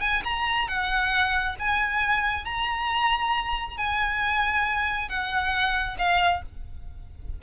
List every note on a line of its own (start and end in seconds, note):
0.00 0.22 G#5
0.24 0.68 A#5
0.68 1.56 F#5
1.59 2.45 G#5
2.45 3.77 A#5
3.77 5.08 G#5
5.08 5.97 F#5
5.98 6.42 F5